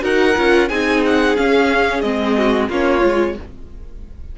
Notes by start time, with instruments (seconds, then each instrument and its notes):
0.00 cello D#4, viola F#4, violin A#4 F#5
0.37 cello C#4, viola F4
0.68 cello C4, viola D#4, violin G#4 G#5
1.05 violin F#5
1.37 viola C#4, cello C#4, violin F5
2.01 cello G#3, viola C4, violin D#5
2.37 violin F#4
2.69 cello A#3, viola C#4, violin F4 C#5
3.01 cello G#3, viola F4